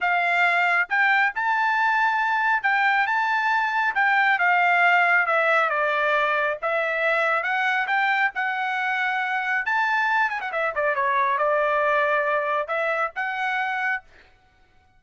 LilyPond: \new Staff \with { instrumentName = "trumpet" } { \time 4/4 \tempo 4 = 137 f''2 g''4 a''4~ | a''2 g''4 a''4~ | a''4 g''4 f''2 | e''4 d''2 e''4~ |
e''4 fis''4 g''4 fis''4~ | fis''2 a''4. gis''16 fis''16 | e''8 d''8 cis''4 d''2~ | d''4 e''4 fis''2 | }